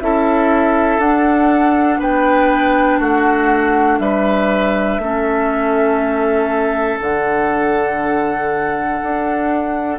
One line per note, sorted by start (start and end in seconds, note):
0.00 0.98 C#4
0.00 1.00 E4
0.00 1.99 A4
0.00 1.00 E5
0.98 1.98 D4
0.98 5.01 D4
0.98 2.00 F#5
1.99 2.99 B3
1.99 2.99 B4
1.99 3.01 G5
2.99 3.99 A3
2.99 3.99 F#4
2.99 3.98 F#5
3.98 4.98 G3
3.98 5.01 B4
3.98 6.98 E5
4.98 6.98 A3
4.98 7.00 C#4
4.98 9.98 A4
7.00 9.00 D3
7.00 9.98 D4
7.00 9.98 F#5
9.02 9.98 D4